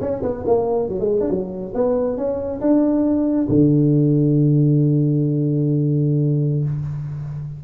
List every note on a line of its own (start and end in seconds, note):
0.00 0.22 C#4
0.22 0.44 B3
0.46 0.89 A#3
0.89 1.00 F#3
1.00 1.20 G#3
1.20 1.30 D4
1.30 1.73 F#3
1.74 2.17 B3
2.17 2.60 C#4
2.60 3.47 D4
3.48 6.64 D3